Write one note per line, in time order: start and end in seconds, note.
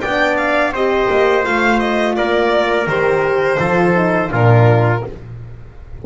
0.00 0.72 B3
0.00 0.75 D4
0.00 0.72 D5
0.00 0.36 G5
0.37 0.73 F5
0.72 1.07 C4
0.72 1.43 G4
0.72 2.15 C5
0.72 1.44 D#5
1.10 1.45 A#3
1.43 2.17 A3
1.43 2.86 F4
1.43 1.79 F5
1.79 2.15 D#5
2.15 2.86 A#3
2.15 3.59 A#4
2.15 2.87 D5
2.86 3.58 D#3
2.86 3.59 G4
2.86 4.31 C5
3.59 4.30 F3
3.59 3.95 F4
3.59 4.30 A4
3.95 4.29 D#4
4.29 5.02 A#2
4.29 5.00 D4
4.29 5.03 F4
4.29 5.06 A#4